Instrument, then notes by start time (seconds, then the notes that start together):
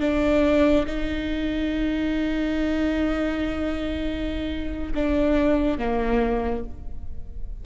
viola
0.00 D4
0.86 D#4
4.95 D4
5.78 A#3